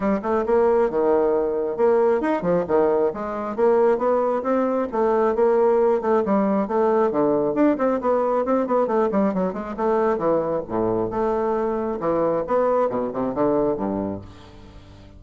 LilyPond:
\new Staff \with { instrumentName = "bassoon" } { \time 4/4 \tempo 4 = 135 g8 a8 ais4 dis2 | ais4 dis'8 f8 dis4 gis4 | ais4 b4 c'4 a4 | ais4. a8 g4 a4 |
d4 d'8 c'8 b4 c'8 b8 | a8 g8 fis8 gis8 a4 e4 | a,4 a2 e4 | b4 b,8 c8 d4 g,4 | }